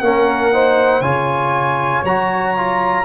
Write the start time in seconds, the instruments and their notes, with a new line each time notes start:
0.00 tuba A#3, trombone C#4, horn A#4, trumpet F#5
0.53 trombone D#4, horn C5
1.01 tuba C#3, trombone F4, horn C#5, trumpet G#5
2.05 tuba F#3, trombone F#4, trumpet A#5
2.57 trombone F4